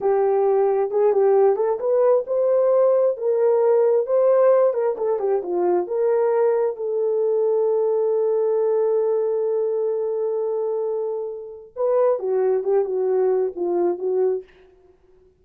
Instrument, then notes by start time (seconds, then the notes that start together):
horn
0.00 G4
0.90 G#4
1.12 G4
1.56 A4
1.79 B4
2.27 C5
3.17 A#4
4.06 C5
4.73 A#4
4.97 A4
5.19 G4
5.42 F4
5.87 A#4
6.76 A4
11.75 B4
12.19 F#4
12.63 G4
12.84 F#4
13.55 F4
13.98 F#4